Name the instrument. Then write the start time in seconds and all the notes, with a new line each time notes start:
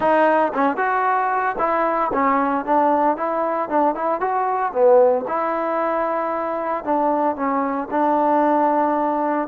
trombone
0.00 D#4
0.54 C#4
0.76 F#4
1.58 E4
2.13 C#4
2.65 D4
3.16 E4
3.69 D4
3.94 E4
4.20 F#4
4.72 B3
5.27 E4
6.84 D4
7.35 C#4
7.90 D4